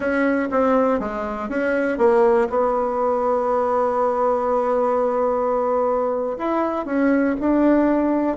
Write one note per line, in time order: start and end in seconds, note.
0.00 0.48 C#4
0.51 0.99 C4
0.99 1.49 G#3
1.49 1.97 C#4
1.97 2.48 A#3
2.49 6.37 B3
6.38 6.85 E4
6.85 7.35 C#4
7.40 8.37 D4